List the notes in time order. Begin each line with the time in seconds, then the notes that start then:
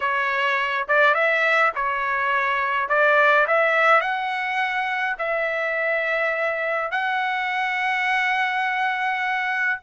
0.00 C#5
0.88 D5
1.14 E5
1.75 C#5
2.88 D5
3.47 E5
4.00 F#5
5.18 E5
6.91 F#5